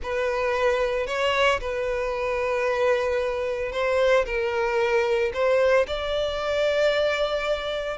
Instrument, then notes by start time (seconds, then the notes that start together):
violin
0.03 B4
1.06 C#5
1.60 B4
3.72 C5
4.25 A#4
5.33 C5
5.87 D5